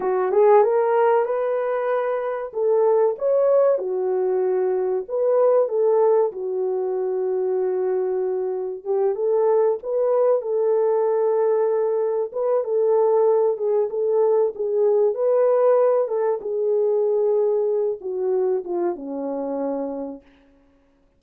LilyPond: \new Staff \with { instrumentName = "horn" } { \time 4/4 \tempo 4 = 95 fis'8 gis'8 ais'4 b'2 | a'4 cis''4 fis'2 | b'4 a'4 fis'2~ | fis'2 g'8 a'4 b'8~ |
b'8 a'2. b'8 | a'4. gis'8 a'4 gis'4 | b'4. a'8 gis'2~ | gis'8 fis'4 f'8 cis'2 | }